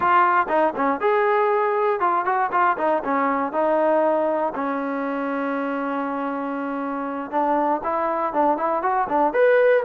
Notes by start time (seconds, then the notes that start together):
0.00 F4
0.48 D#4
0.76 C#4
1.00 G#4
1.99 F4
2.25 F#4
2.51 F4
2.77 D#4
3.04 C#4
3.52 D#4
4.54 C#4
7.30 D4
7.83 E4
8.33 D4
8.57 E4
8.82 F#4
9.08 D4
9.33 B4